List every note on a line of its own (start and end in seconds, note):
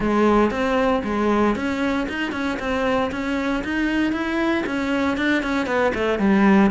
0.00 0.50 G#3
0.50 1.02 C4
1.04 1.55 G#3
1.55 2.07 C#4
2.08 2.32 D#4
2.32 2.58 C#4
2.59 3.11 C4
3.11 3.63 C#4
3.64 4.12 D#4
4.12 4.64 E4
4.66 5.17 C#4
5.17 5.43 D4
5.43 5.66 C#4
5.66 5.92 B3
5.94 6.19 A3
6.19 6.70 G3